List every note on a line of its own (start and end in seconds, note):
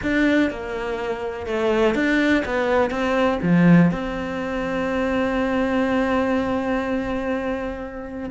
0.02 0.50 D4
0.50 1.46 A#3
1.46 1.94 A3
1.94 2.43 D4
2.45 2.90 B3
2.90 3.39 C4
3.42 3.91 F3
3.91 8.30 C4